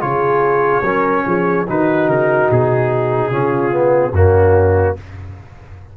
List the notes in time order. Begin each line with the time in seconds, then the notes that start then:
0.00 C#3 F4 G#4 C#5
0.82 F#3 C#4 A#4
1.26 F3 G#4
1.67 D#3 D#4 F#4 B4
2.07 C#3 A#4
2.50 B2 G#4
3.30 C#3 C#4 F4
3.71 B3
4.11 F#2 A#3 C#4 F#4